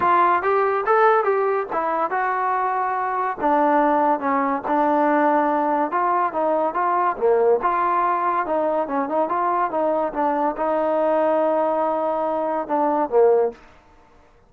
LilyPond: \new Staff \with { instrumentName = "trombone" } { \time 4/4 \tempo 4 = 142 f'4 g'4 a'4 g'4 | e'4 fis'2. | d'2 cis'4 d'4~ | d'2 f'4 dis'4 |
f'4 ais4 f'2 | dis'4 cis'8 dis'8 f'4 dis'4 | d'4 dis'2.~ | dis'2 d'4 ais4 | }